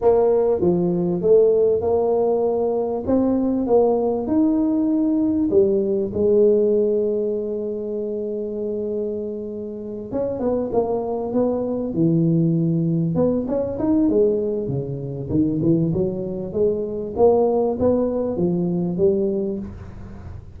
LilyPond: \new Staff \with { instrumentName = "tuba" } { \time 4/4 \tempo 4 = 98 ais4 f4 a4 ais4~ | ais4 c'4 ais4 dis'4~ | dis'4 g4 gis2~ | gis1~ |
gis8 cis'8 b8 ais4 b4 e8~ | e4. b8 cis'8 dis'8 gis4 | cis4 dis8 e8 fis4 gis4 | ais4 b4 f4 g4 | }